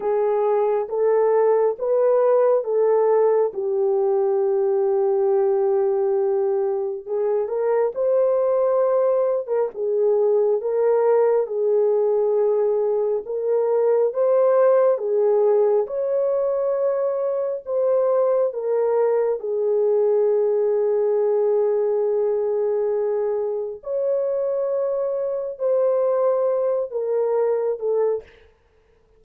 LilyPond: \new Staff \with { instrumentName = "horn" } { \time 4/4 \tempo 4 = 68 gis'4 a'4 b'4 a'4 | g'1 | gis'8 ais'8 c''4.~ c''16 ais'16 gis'4 | ais'4 gis'2 ais'4 |
c''4 gis'4 cis''2 | c''4 ais'4 gis'2~ | gis'2. cis''4~ | cis''4 c''4. ais'4 a'8 | }